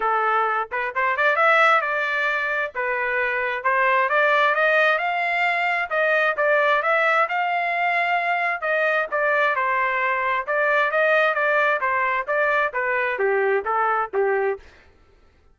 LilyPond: \new Staff \with { instrumentName = "trumpet" } { \time 4/4 \tempo 4 = 132 a'4. b'8 c''8 d''8 e''4 | d''2 b'2 | c''4 d''4 dis''4 f''4~ | f''4 dis''4 d''4 e''4 |
f''2. dis''4 | d''4 c''2 d''4 | dis''4 d''4 c''4 d''4 | b'4 g'4 a'4 g'4 | }